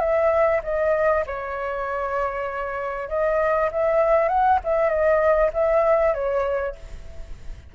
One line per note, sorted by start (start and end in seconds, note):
0.00 0.61 E5
0.63 1.25 D#5
1.27 3.09 C#5
3.09 3.70 D#5
3.72 4.29 E5
4.29 4.59 F#5
4.64 4.90 E5
4.90 5.51 D#5
5.54 6.14 E5
6.14 6.76 C#5